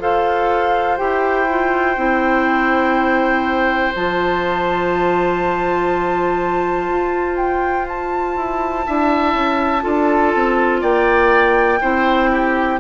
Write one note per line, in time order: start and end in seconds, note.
0.00 0.99 F4
0.00 0.98 A4
0.00 8.86 C5
0.00 0.98 F5
0.98 1.97 E4
0.98 1.47 G4
0.98 3.93 G5
1.50 1.97 F4
1.97 3.94 C4
1.97 3.94 E4
3.95 6.90 F3
3.95 8.86 F4
3.95 7.37 A5
6.90 8.37 F4
7.37 7.86 G5
7.88 10.83 A5
8.37 8.86 E4
8.86 9.34 D4
8.86 9.82 E4
8.86 9.84 E5
9.34 9.84 C#4
9.82 10.35 D4
9.82 11.79 F4
9.82 10.81 A4
10.35 10.83 C4
10.81 11.81 A#3
10.81 11.80 D5
10.81 12.80 G5
11.82 12.81 C4
11.82 12.80 E4
11.82 12.31 C5
12.32 12.81 G4